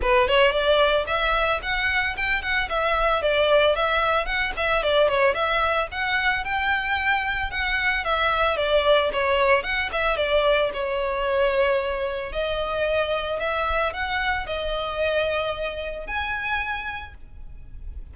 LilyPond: \new Staff \with { instrumentName = "violin" } { \time 4/4 \tempo 4 = 112 b'8 cis''8 d''4 e''4 fis''4 | g''8 fis''8 e''4 d''4 e''4 | fis''8 e''8 d''8 cis''8 e''4 fis''4 | g''2 fis''4 e''4 |
d''4 cis''4 fis''8 e''8 d''4 | cis''2. dis''4~ | dis''4 e''4 fis''4 dis''4~ | dis''2 gis''2 | }